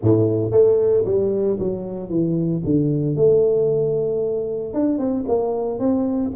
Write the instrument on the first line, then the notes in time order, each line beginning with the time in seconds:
tuba
0.01 A2
0.51 A3
1.05 G3
1.59 F#3
2.09 E3
2.64 D3
3.16 A3
4.73 D4
4.98 C4
5.27 A#3
5.79 C4